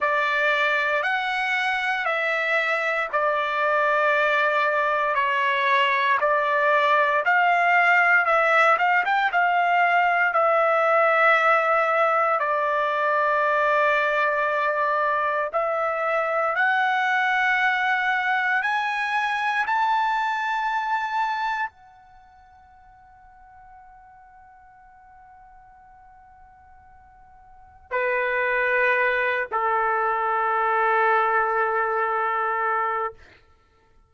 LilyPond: \new Staff \with { instrumentName = "trumpet" } { \time 4/4 \tempo 4 = 58 d''4 fis''4 e''4 d''4~ | d''4 cis''4 d''4 f''4 | e''8 f''16 g''16 f''4 e''2 | d''2. e''4 |
fis''2 gis''4 a''4~ | a''4 fis''2.~ | fis''2. b'4~ | b'8 a'2.~ a'8 | }